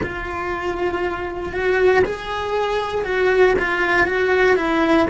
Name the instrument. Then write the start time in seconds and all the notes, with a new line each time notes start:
cello
0.02 F4
1.53 F#4
2.04 G#4
3.04 F#4
3.58 F4
4.06 F#4
4.55 E4